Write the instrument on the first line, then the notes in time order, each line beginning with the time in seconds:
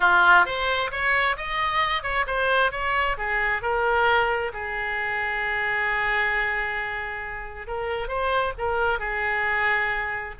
oboe
0.00 F4
0.45 C5
0.91 C#5
1.36 D#5
2.03 C#5
2.26 C5
2.71 C#5
3.17 G#4
3.62 A#4
4.53 G#4
7.67 A#4
8.08 C5
8.58 A#4
8.99 G#4